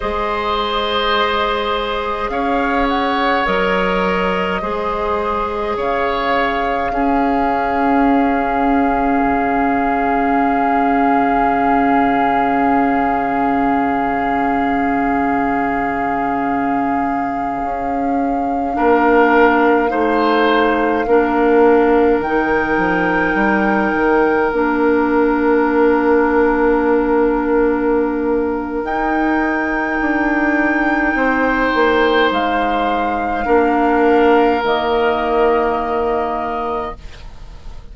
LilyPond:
<<
  \new Staff \with { instrumentName = "flute" } { \time 4/4 \tempo 4 = 52 dis''2 f''8 fis''8 dis''4~ | dis''4 f''2.~ | f''1~ | f''1~ |
f''2.~ f''16 g''8.~ | g''4~ g''16 f''2~ f''8.~ | f''4 g''2. | f''2 dis''2 | }
  \new Staff \with { instrumentName = "oboe" } { \time 4/4 c''2 cis''2 | c''4 cis''4 gis'2~ | gis'1~ | gis'1~ |
gis'16 ais'4 c''4 ais'4.~ ais'16~ | ais'1~ | ais'2. c''4~ | c''4 ais'2. | }
  \new Staff \with { instrumentName = "clarinet" } { \time 4/4 gis'2. ais'4 | gis'2 cis'2~ | cis'1~ | cis'1~ |
cis'16 d'4 dis'4 d'4 dis'8.~ | dis'4~ dis'16 d'2~ d'8.~ | d'4 dis'2.~ | dis'4 d'4 ais2 | }
  \new Staff \with { instrumentName = "bassoon" } { \time 4/4 gis2 cis'4 fis4 | gis4 cis4 cis'2 | cis1~ | cis2.~ cis16 cis'8.~ |
cis'16 ais4 a4 ais4 dis8 f16~ | f16 g8 dis8 ais2~ ais8.~ | ais4 dis'4 d'4 c'8 ais8 | gis4 ais4 dis2 | }
>>